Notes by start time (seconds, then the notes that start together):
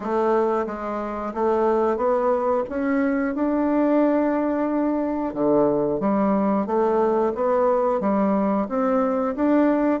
0.00 A3
0.66 G#3
1.34 A3
1.96 B3
2.68 C#4
3.34 D4
5.33 D3
6.00 G3
6.66 A3
7.34 B3
8.00 G3
8.68 C4
9.35 D4